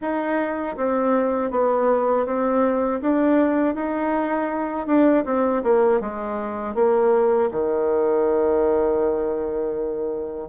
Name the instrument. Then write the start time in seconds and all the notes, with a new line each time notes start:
bassoon
0.01 D#4
0.77 C4
1.50 B3
2.25 C4
3.01 D4
3.74 D#4
4.86 D4
5.25 C4
5.63 A#3
6.00 G#3
6.75 A#3
7.51 D#3